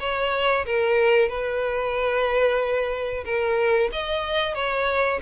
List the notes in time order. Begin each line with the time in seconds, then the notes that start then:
0.00 C#5
0.66 A#4
1.29 B4
3.25 A#4
3.92 D#5
4.55 C#5